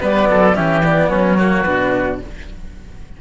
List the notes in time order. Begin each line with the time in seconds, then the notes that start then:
0.00 G3 B3 B4 D5
0.29 F#3 A4
0.55 E3 C#4 G4 E5
0.84 B3 D5
1.09 F#3 C#4 C#5
1.38 A#3 F#4
1.63 B2 D4 B4